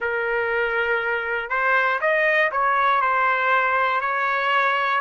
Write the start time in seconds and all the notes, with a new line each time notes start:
0.00 A#4
1.50 C5
2.00 D#5
2.51 C#5
3.00 C5
4.00 C#5